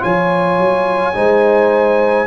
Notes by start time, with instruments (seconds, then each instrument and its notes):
0.00 tuba F3, trombone F4, horn C#5, trumpet G#5
0.58 tuba F#3
1.14 tuba G#3, trombone D#4, horn C5